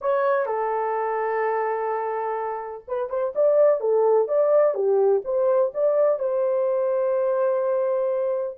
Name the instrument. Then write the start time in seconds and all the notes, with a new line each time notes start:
horn
0.01 C#5
0.45 A4
2.87 B4
3.09 C5
3.35 D5
3.80 A4
4.27 D5
4.74 G4
5.24 C5
5.74 D5
6.19 C5